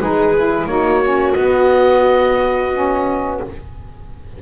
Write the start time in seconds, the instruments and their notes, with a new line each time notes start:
0.00 double bass G#3, saxophone D#4, viola G#4, oboe B4
0.37 saxophone E4
0.65 double bass A#3, saxophone D#4, viola F#4, oboe C#5
1.03 saxophone C#4
1.32 double bass B3, saxophone B3, oboe D#5
2.73 saxophone C#4